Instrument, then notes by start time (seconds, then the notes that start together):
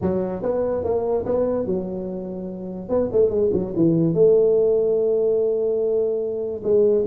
tuba
0.01 F#3
0.42 B3
0.84 A#3
1.25 B3
1.66 F#3
2.89 B3
3.12 A3
3.30 G#3
3.52 F#3
3.76 E3
4.14 A3
6.63 G#3